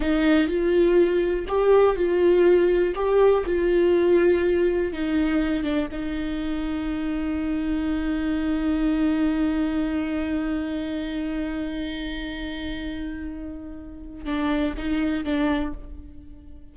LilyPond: \new Staff \with { instrumentName = "viola" } { \time 4/4 \tempo 4 = 122 dis'4 f'2 g'4 | f'2 g'4 f'4~ | f'2 dis'4. d'8 | dis'1~ |
dis'1~ | dis'1~ | dis'1~ | dis'4 d'4 dis'4 d'4 | }